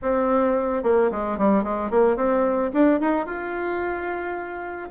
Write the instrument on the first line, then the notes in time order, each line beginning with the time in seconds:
bassoon
0.02 C4
0.83 A#3
1.11 G#3
1.38 G3
1.63 G#3
1.90 A#3
2.16 C4
2.73 D4
3.00 D#4
3.26 F4